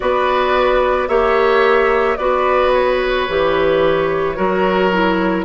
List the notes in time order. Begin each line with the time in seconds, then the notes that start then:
0.00 B3 F#4 B4 D5
1.07 A#3 G4 C#5 E5
2.17 B3 F#4 B4 D5
2.74 C#5
3.29 E3 G4
4.35 F#3 F#4 A#4
4.92 E4